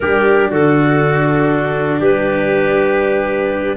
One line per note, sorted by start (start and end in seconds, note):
0.00 0.51 G3
0.00 3.76 D4
0.00 0.50 G4
0.00 0.51 A#4
0.50 1.99 D3
0.50 2.00 F#4
0.50 2.02 A4
1.99 3.76 G3
1.99 3.76 G4
1.99 3.76 B4